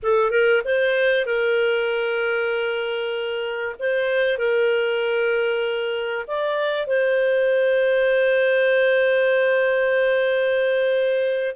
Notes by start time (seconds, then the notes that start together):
0.02 A4
0.30 A#4
0.64 C5
1.25 A#4
3.79 C5
4.38 A#4
6.27 D5
6.86 C5